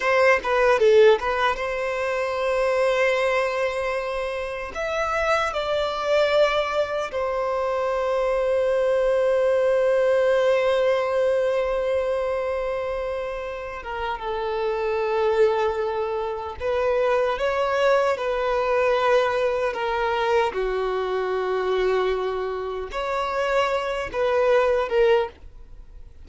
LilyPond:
\new Staff \with { instrumentName = "violin" } { \time 4/4 \tempo 4 = 76 c''8 b'8 a'8 b'8 c''2~ | c''2 e''4 d''4~ | d''4 c''2.~ | c''1~ |
c''4. ais'8 a'2~ | a'4 b'4 cis''4 b'4~ | b'4 ais'4 fis'2~ | fis'4 cis''4. b'4 ais'8 | }